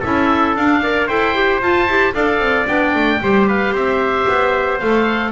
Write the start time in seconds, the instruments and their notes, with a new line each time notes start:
0.00 double bass C#4, clarinet E4, trumpet A4, oboe E5
0.56 double bass D4, clarinet D4, oboe F5
0.83 clarinet A#4, trumpet D5
1.07 double bass E4, clarinet A4, trumpet C5, oboe G5
1.35 clarinet G4
1.62 double bass F4, clarinet F4, oboe A5
1.87 double bass E4, clarinet G4
2.13 double bass D4, clarinet A4, trumpet D5, oboe F5
2.39 double bass C4
2.66 double bass B3, clarinet D4, oboe G5
2.94 double bass A3
3.22 double bass G3, clarinet G4, trumpet C5
3.48 trumpet B4, oboe F5
3.72 double bass C4, trumpet C5, oboe E5
4.28 double bass B3
4.79 double bass A3, clarinet A4, oboe F5